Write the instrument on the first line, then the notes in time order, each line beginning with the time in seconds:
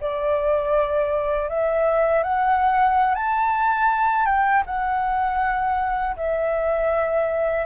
flute
0.00 D5
1.49 E5
2.23 F#5
3.15 A5
4.25 G5
4.66 F#5
6.16 E5